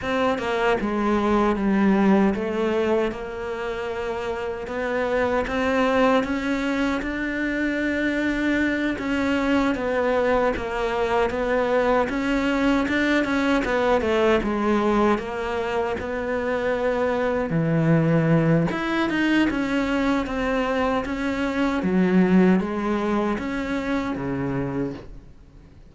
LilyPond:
\new Staff \with { instrumentName = "cello" } { \time 4/4 \tempo 4 = 77 c'8 ais8 gis4 g4 a4 | ais2 b4 c'4 | cis'4 d'2~ d'8 cis'8~ | cis'8 b4 ais4 b4 cis'8~ |
cis'8 d'8 cis'8 b8 a8 gis4 ais8~ | ais8 b2 e4. | e'8 dis'8 cis'4 c'4 cis'4 | fis4 gis4 cis'4 cis4 | }